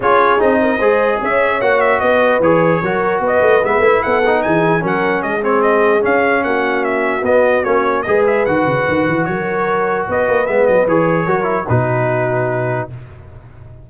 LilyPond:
<<
  \new Staff \with { instrumentName = "trumpet" } { \time 4/4 \tempo 4 = 149 cis''4 dis''2 e''4 | fis''8 e''8 dis''4 cis''2 | dis''4 e''4 fis''4 gis''4 | fis''4 dis''8 cis''8 dis''4 f''4 |
fis''4 e''4 dis''4 cis''4 | dis''8 e''8 fis''2 cis''4~ | cis''4 dis''4 e''8 dis''8 cis''4~ | cis''4 b'2. | }
  \new Staff \with { instrumentName = "horn" } { \time 4/4 gis'4. ais'8 c''4 cis''4~ | cis''4 b'2 ais'4 | b'2 a'4 gis'4 | ais'4 gis'2. |
fis'1 | b'2. ais'4~ | ais'4 b'2. | ais'4 fis'2. | }
  \new Staff \with { instrumentName = "trombone" } { \time 4/4 f'4 dis'4 gis'2 | fis'2 gis'4 fis'4~ | fis'4 b8 e'4 dis'4. | cis'4. c'4. cis'4~ |
cis'2 b4 cis'4 | gis'4 fis'2.~ | fis'2 b4 gis'4 | fis'8 e'8 dis'2. | }
  \new Staff \with { instrumentName = "tuba" } { \time 4/4 cis'4 c'4 gis4 cis'4 | ais4 b4 e4 fis4 | b8 a8 gis8 a8 b4 e4 | fis4 gis2 cis'4 |
ais2 b4 ais4 | gis4 dis8 cis8 dis8 e8 fis4~ | fis4 b8 ais8 gis8 fis8 e4 | fis4 b,2. | }
>>